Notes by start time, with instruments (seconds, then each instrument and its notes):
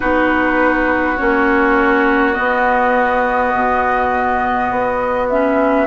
0.00 bassoon B3, clarinet D#4, oboe F#4, flute B4
1.17 bassoon A#3, clarinet C#4, flute C#5
2.33 clarinet B3, bassoon B3, flute D#5
3.54 bassoon B2
4.70 bassoon B3
5.29 clarinet C#4, flute E5